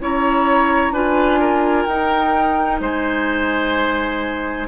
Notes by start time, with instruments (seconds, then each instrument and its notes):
0.00 bassoon C#4, clarinet E4, oboe C#5, flute A#5
0.91 bassoon D4, clarinet F4, oboe B4, flute G#5
1.41 oboe A#4
1.86 bassoon D#4, clarinet D#4, flute G5
2.81 bassoon G#3, oboe C5, flute G#5